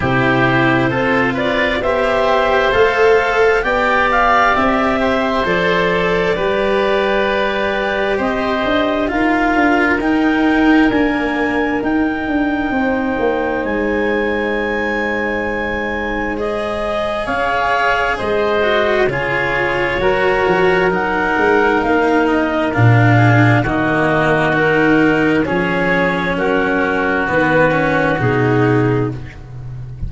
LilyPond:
<<
  \new Staff \with { instrumentName = "clarinet" } { \time 4/4 \tempo 4 = 66 c''4. d''8 e''4 f''4 | g''8 f''8 e''4 d''2~ | d''4 dis''4 f''4 g''4 | gis''4 g''2 gis''4~ |
gis''2 dis''4 f''4 | dis''4 cis''2 fis''4 | f''8 dis''8 f''4 dis''4 ais'4 | cis''4 ais'4 b'4 gis'4 | }
  \new Staff \with { instrumentName = "oboe" } { \time 4/4 g'4 a'8 b'8 c''2 | d''4. c''4. b'4~ | b'4 c''4 ais'2~ | ais'2 c''2~ |
c''2. cis''4 | c''4 gis'4 ais'2~ | ais'4. gis'8 fis'2 | gis'4 fis'2. | }
  \new Staff \with { instrumentName = "cello" } { \time 4/4 e'4 f'4 g'4 a'4 | g'2 a'4 g'4~ | g'2 f'4 dis'4 | ais4 dis'2.~ |
dis'2 gis'2~ | gis'8 fis'8 f'4 fis'4 dis'4~ | dis'4 d'4 ais4 dis'4 | cis'2 b8 cis'8 dis'4 | }
  \new Staff \with { instrumentName = "tuba" } { \time 4/4 c4 c'4 b4 a4 | b4 c'4 f4 g4~ | g4 c'8 d'8 dis'8 d'8 dis'4 | d'4 dis'8 d'8 c'8 ais8 gis4~ |
gis2. cis'4 | gis4 cis4 fis8 f8 fis8 gis8 | ais4 ais,4 dis2 | f4 fis4 dis4 b,4 | }
>>